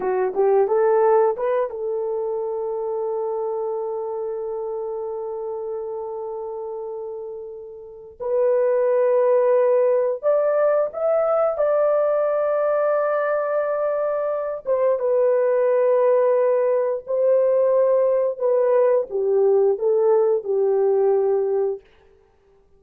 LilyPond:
\new Staff \with { instrumentName = "horn" } { \time 4/4 \tempo 4 = 88 fis'8 g'8 a'4 b'8 a'4.~ | a'1~ | a'1 | b'2. d''4 |
e''4 d''2.~ | d''4. c''8 b'2~ | b'4 c''2 b'4 | g'4 a'4 g'2 | }